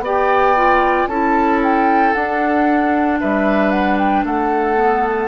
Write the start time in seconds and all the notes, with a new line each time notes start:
0.00 B3 G4 D5 G5
0.56 F4
1.07 C#4 E4 A4 A5
1.63 G5
2.13 D4 F#5
3.20 G3 B4 E5
3.71 F#5
3.98 G5
4.24 A3 A4 F#5
4.76 B3